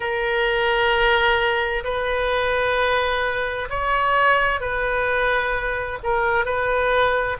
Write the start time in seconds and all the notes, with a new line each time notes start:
0.00 A#4
1.84 B4
3.69 C#5
4.60 B4
6.03 A#4
6.44 B4